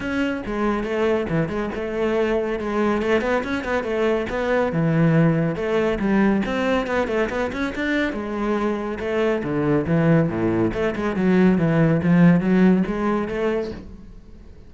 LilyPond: \new Staff \with { instrumentName = "cello" } { \time 4/4 \tempo 4 = 140 cis'4 gis4 a4 e8 gis8 | a2 gis4 a8 b8 | cis'8 b8 a4 b4 e4~ | e4 a4 g4 c'4 |
b8 a8 b8 cis'8 d'4 gis4~ | gis4 a4 d4 e4 | a,4 a8 gis8 fis4 e4 | f4 fis4 gis4 a4 | }